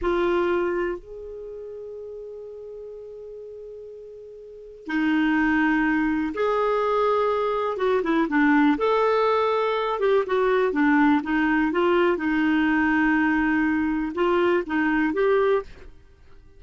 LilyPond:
\new Staff \with { instrumentName = "clarinet" } { \time 4/4 \tempo 4 = 123 f'2 gis'2~ | gis'1~ | gis'2 dis'2~ | dis'4 gis'2. |
fis'8 e'8 d'4 a'2~ | a'8 g'8 fis'4 d'4 dis'4 | f'4 dis'2.~ | dis'4 f'4 dis'4 g'4 | }